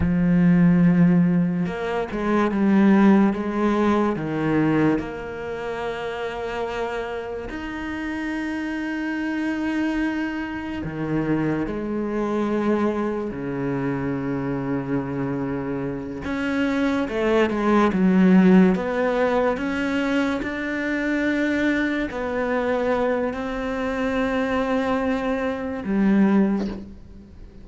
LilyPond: \new Staff \with { instrumentName = "cello" } { \time 4/4 \tempo 4 = 72 f2 ais8 gis8 g4 | gis4 dis4 ais2~ | ais4 dis'2.~ | dis'4 dis4 gis2 |
cis2.~ cis8 cis'8~ | cis'8 a8 gis8 fis4 b4 cis'8~ | cis'8 d'2 b4. | c'2. g4 | }